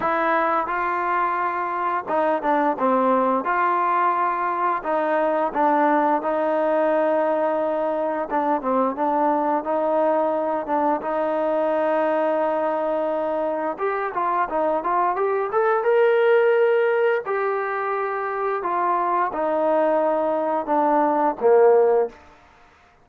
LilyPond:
\new Staff \with { instrumentName = "trombone" } { \time 4/4 \tempo 4 = 87 e'4 f'2 dis'8 d'8 | c'4 f'2 dis'4 | d'4 dis'2. | d'8 c'8 d'4 dis'4. d'8 |
dis'1 | g'8 f'8 dis'8 f'8 g'8 a'8 ais'4~ | ais'4 g'2 f'4 | dis'2 d'4 ais4 | }